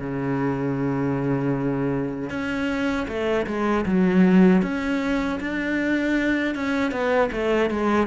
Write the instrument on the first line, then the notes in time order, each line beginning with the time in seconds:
cello
0.00 C#3
2.30 C#4
3.08 A3
3.47 G#3
3.86 F#3
4.63 C#4
5.41 D4
6.55 C#4
6.92 B3
7.32 A3
7.71 G#3